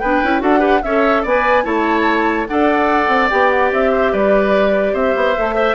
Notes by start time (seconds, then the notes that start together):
0.00 B3 D4 B4 G5
0.23 C#4 E4
0.40 D4 F#4 A4 F#5
0.59 G4 B4
0.83 C#4 A4 C#5 E5
1.23 B3 B4 D5 G#5
1.64 A3 E4 C#5 A5
2.47 D4 A4 D5 F#5
3.08 C4
3.30 B3 G4 G5
3.50 F#5
3.72 C4 E5
3.92 C5
4.12 G3 B4 D5
4.93 C4 C5 E5
5.16 B3
5.37 A3 A4
5.55 C5 E5